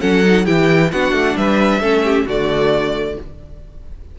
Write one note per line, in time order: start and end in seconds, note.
0.00 0.47 F#3
0.00 0.23 C#4
0.00 0.45 A4
0.00 0.46 F#5
0.24 0.45 D#4
0.45 0.92 E3
0.45 0.90 E4
0.45 0.90 G4
0.45 0.91 G5
0.92 1.12 B3
0.92 1.81 D4
0.92 1.37 F#4
0.92 1.37 F#5
1.12 1.35 A3
1.36 1.80 G3
1.36 1.80 B4
1.36 2.27 E5
1.80 2.25 A3
1.80 2.26 C#4
1.80 2.02 A4
2.04 2.26 G4
2.26 3.17 D3
2.26 3.19 A3
2.26 3.16 F#4
2.26 3.19 D5